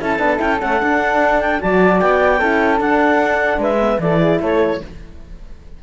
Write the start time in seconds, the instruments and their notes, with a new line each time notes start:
0.00 cello C#4, horn E4, flute A4, clarinet A5
0.19 cello B3, horn D4
0.37 cello C#4, horn E4, clarinet G5
0.59 cello A3, horn C#4, clarinet F#5
0.80 horn D4, cello D4
1.40 clarinet G5
1.59 cello F#3, horn F#4, flute D5, clarinet A5
1.99 cello B3, clarinet G5
2.39 cello C#4, horn E4, flute A4
2.78 horn D4, cello D4, clarinet F#5
3.58 cello G#3, flute B4, clarinet E5
3.80 horn B3
3.99 cello E3, horn E4, flute A4, clarinet D5
4.19 flute G#4
4.41 cello A3, flute A4, clarinet C#5